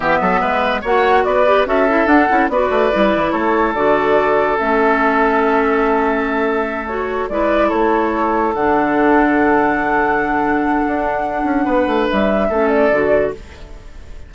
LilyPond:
<<
  \new Staff \with { instrumentName = "flute" } { \time 4/4 \tempo 4 = 144 e''2 fis''4 d''4 | e''4 fis''4 d''2 | cis''4 d''2 e''4~ | e''1~ |
e''8 cis''4 d''4 cis''4.~ | cis''8 fis''2.~ fis''8~ | fis''1~ | fis''4 e''4. d''4. | }
  \new Staff \with { instrumentName = "oboe" } { \time 4/4 g'8 a'8 b'4 cis''4 b'4 | a'2 b'2 | a'1~ | a'1~ |
a'4. b'4 a'4.~ | a'1~ | a'1 | b'2 a'2 | }
  \new Staff \with { instrumentName = "clarinet" } { \time 4/4 b2 fis'4. g'8 | fis'8 e'8 d'8 e'8 fis'4 e'4~ | e'4 fis'2 cis'4~ | cis'1~ |
cis'8 fis'4 e'2~ e'8~ | e'8 d'2.~ d'8~ | d'1~ | d'2 cis'4 fis'4 | }
  \new Staff \with { instrumentName = "bassoon" } { \time 4/4 e8 fis8 gis4 ais4 b4 | cis'4 d'8 cis'8 b8 a8 g8 e8 | a4 d2 a4~ | a1~ |
a4. gis4 a4.~ | a8 d2.~ d8~ | d2 d'4. cis'8 | b8 a8 g4 a4 d4 | }
>>